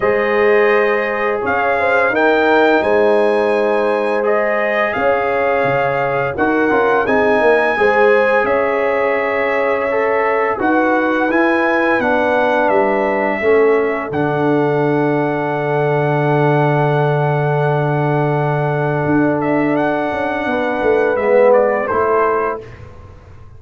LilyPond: <<
  \new Staff \with { instrumentName = "trumpet" } { \time 4/4 \tempo 4 = 85 dis''2 f''4 g''4 | gis''2 dis''4 f''4~ | f''4 fis''4 gis''2 | e''2. fis''4 |
gis''4 fis''4 e''2 | fis''1~ | fis''2.~ fis''8 e''8 | fis''2 e''8 d''8 c''4 | }
  \new Staff \with { instrumentName = "horn" } { \time 4/4 c''2 cis''8 c''8 ais'4 | c''2. cis''4~ | cis''4 ais'4 gis'8 ais'8 c''4 | cis''2. b'4~ |
b'2. a'4~ | a'1~ | a'1~ | a'4 b'2 a'4 | }
  \new Staff \with { instrumentName = "trombone" } { \time 4/4 gis'2. dis'4~ | dis'2 gis'2~ | gis'4 fis'8 f'8 dis'4 gis'4~ | gis'2 a'4 fis'4 |
e'4 d'2 cis'4 | d'1~ | d'1~ | d'2 b4 e'4 | }
  \new Staff \with { instrumentName = "tuba" } { \time 4/4 gis2 cis'4 dis'4 | gis2. cis'4 | cis4 dis'8 cis'8 c'8 ais8 gis4 | cis'2. dis'4 |
e'4 b4 g4 a4 | d1~ | d2. d'4~ | d'8 cis'8 b8 a8 gis4 a4 | }
>>